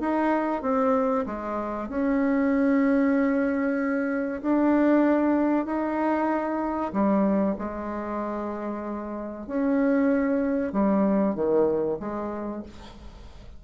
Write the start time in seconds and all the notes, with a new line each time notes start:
0.00 D#4
0.62 C4
1.26 G#3
1.89 C#4
4.42 D4
5.66 D#4
6.93 G3
7.58 G#3
9.47 C#4
10.73 G3
11.35 D#3
11.99 G#3